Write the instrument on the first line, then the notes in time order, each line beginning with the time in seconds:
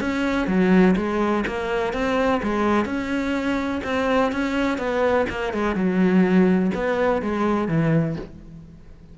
cello
0.00 C#4
0.47 F#3
0.96 G#3
1.47 A#3
1.93 C4
2.43 G#3
2.85 C#4
3.83 C4
4.32 C#4
4.77 B3
5.29 A#3
5.53 G#3
5.75 F#3
6.74 B3
7.21 G#3
7.68 E3